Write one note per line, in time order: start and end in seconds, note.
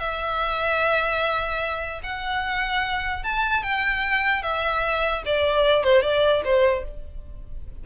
0.00 2.01 E5
2.04 3.24 F#5
3.24 3.63 A5
3.63 4.43 G5
4.43 5.23 E5
5.26 5.84 D5
5.84 6.03 C5
6.03 6.43 D5
6.45 6.85 C5